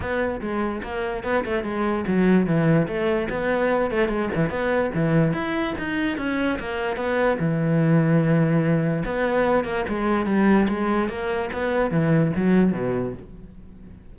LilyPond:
\new Staff \with { instrumentName = "cello" } { \time 4/4 \tempo 4 = 146 b4 gis4 ais4 b8 a8 | gis4 fis4 e4 a4 | b4. a8 gis8 e8 b4 | e4 e'4 dis'4 cis'4 |
ais4 b4 e2~ | e2 b4. ais8 | gis4 g4 gis4 ais4 | b4 e4 fis4 b,4 | }